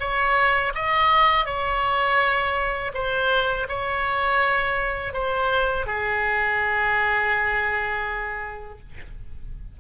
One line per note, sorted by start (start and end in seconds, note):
0.00 0.73 C#5
0.75 1.46 D#5
1.46 2.92 C#5
2.94 3.68 C5
3.69 5.13 C#5
5.13 5.86 C5
5.87 8.79 G#4